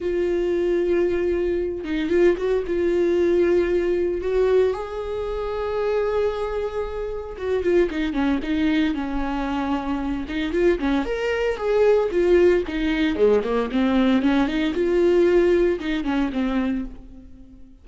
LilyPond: \new Staff \with { instrumentName = "viola" } { \time 4/4 \tempo 4 = 114 f'2.~ f'8 dis'8 | f'8 fis'8 f'2. | fis'4 gis'2.~ | gis'2 fis'8 f'8 dis'8 cis'8 |
dis'4 cis'2~ cis'8 dis'8 | f'8 cis'8 ais'4 gis'4 f'4 | dis'4 gis8 ais8 c'4 cis'8 dis'8 | f'2 dis'8 cis'8 c'4 | }